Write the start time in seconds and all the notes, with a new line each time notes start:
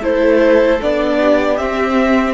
0.00 A3 E4 A4 C5
0.81 B3 D4 D5
1.20 G4
1.58 C4 E5